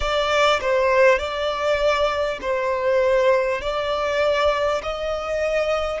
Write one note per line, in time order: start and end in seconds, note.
0.00 0.60 D5
0.60 1.18 C5
1.18 2.38 D5
2.41 3.61 C5
3.61 4.81 D5
4.82 6.00 D#5